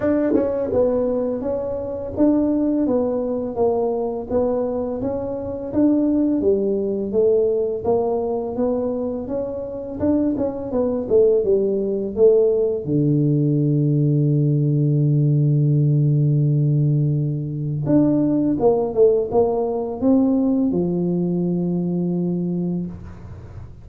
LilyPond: \new Staff \with { instrumentName = "tuba" } { \time 4/4 \tempo 4 = 84 d'8 cis'8 b4 cis'4 d'4 | b4 ais4 b4 cis'4 | d'4 g4 a4 ais4 | b4 cis'4 d'8 cis'8 b8 a8 |
g4 a4 d2~ | d1~ | d4 d'4 ais8 a8 ais4 | c'4 f2. | }